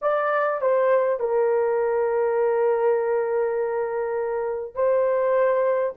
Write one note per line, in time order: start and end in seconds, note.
0.01 0.61 D5
0.61 1.19 C5
1.19 4.74 A#4
4.74 5.93 C5